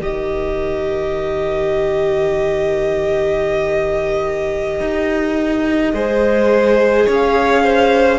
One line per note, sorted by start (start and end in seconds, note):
0.00 4.80 D#3
0.00 5.95 G4
0.00 5.94 A#4
0.00 7.10 D#5
4.80 5.93 D#4
5.93 7.07 G#3
5.93 8.19 G#4
5.93 7.06 C5
7.06 8.19 C#4
7.06 7.63 C#5
7.12 8.19 F5
7.63 8.19 C5